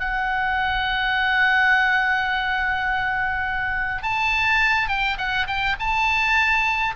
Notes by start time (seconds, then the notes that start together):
0.00 F#5
4.03 A5
4.88 G5
5.18 F#5
5.47 G5
5.80 A5